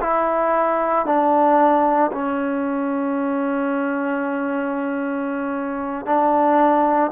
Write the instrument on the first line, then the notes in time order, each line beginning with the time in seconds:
trombone
0.00 E4
1.05 D4
2.12 C#4
6.05 D4